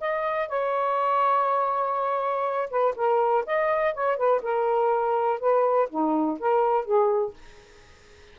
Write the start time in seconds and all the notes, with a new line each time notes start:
0.00 D#5
0.48 C#5
2.70 B4
2.96 A#4
3.46 D#5
3.94 C#5
4.17 B4
4.42 A#4
5.39 B4
5.89 D#4
6.39 A#4
6.85 G#4